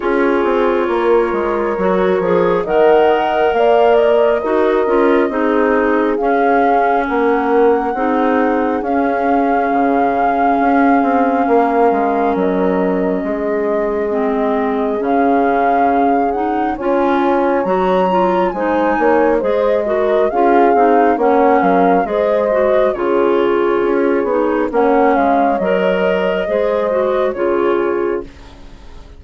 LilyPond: <<
  \new Staff \with { instrumentName = "flute" } { \time 4/4 \tempo 4 = 68 cis''2. fis''4 | f''8 dis''2~ dis''8 f''4 | fis''2 f''2~ | f''2 dis''2~ |
dis''4 f''4. fis''8 gis''4 | ais''4 gis''4 dis''4 f''4 | fis''8 f''8 dis''4 cis''2 | fis''8 f''8 dis''2 cis''4 | }
  \new Staff \with { instrumentName = "horn" } { \time 4/4 gis'4 ais'2 dis''4 | d''4 ais'4 gis'2 | ais'4 gis'2.~ | gis'4 ais'2 gis'4~ |
gis'2. cis''4~ | cis''4 c''8 cis''8 c''8 ais'8 gis'4 | cis''8 ais'8 c''4 gis'2 | cis''2 c''4 gis'4 | }
  \new Staff \with { instrumentName = "clarinet" } { \time 4/4 f'2 fis'8 gis'8 ais'4~ | ais'4 fis'8 f'8 dis'4 cis'4~ | cis'4 dis'4 cis'2~ | cis'1 |
c'4 cis'4. dis'8 f'4 | fis'8 f'8 dis'4 gis'8 fis'8 f'8 dis'8 | cis'4 gis'8 fis'8 f'4. dis'8 | cis'4 ais'4 gis'8 fis'8 f'4 | }
  \new Staff \with { instrumentName = "bassoon" } { \time 4/4 cis'8 c'8 ais8 gis8 fis8 f8 dis4 | ais4 dis'8 cis'8 c'4 cis'4 | ais4 c'4 cis'4 cis4 | cis'8 c'8 ais8 gis8 fis4 gis4~ |
gis4 cis2 cis'4 | fis4 gis8 ais8 gis4 cis'8 c'8 | ais8 fis8 gis4 cis4 cis'8 b8 | ais8 gis8 fis4 gis4 cis4 | }
>>